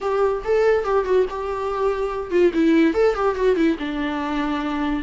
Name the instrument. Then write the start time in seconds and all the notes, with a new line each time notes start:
viola
0.00 G4
0.44 A4
0.84 G4
1.05 F#4
1.29 G4
2.31 F4
2.53 E4
2.94 A4
3.14 G4
3.35 F#4
3.56 E4
3.78 D4